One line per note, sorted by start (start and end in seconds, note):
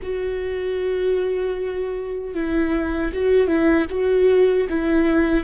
0.02 2.34 F#4
2.34 3.12 E4
3.13 3.47 F#4
3.47 3.86 E4
3.90 4.68 F#4
4.69 5.44 E4